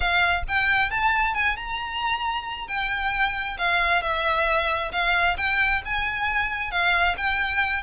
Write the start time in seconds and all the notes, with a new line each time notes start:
0.00 F5
0.48 G5
0.90 A5
1.34 G#5
1.56 A#5
2.67 G5
3.58 F5
4.02 E5
4.92 F5
5.37 G5
5.85 G#5
6.71 F5
7.17 G5